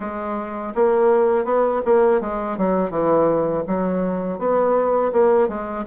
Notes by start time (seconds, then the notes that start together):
0.00 G#3
0.75 A#3
1.44 B3
1.85 A#3
2.21 G#3
2.57 F#3
2.90 E3
3.67 F#3
4.39 B3
5.12 A#3
5.48 G#3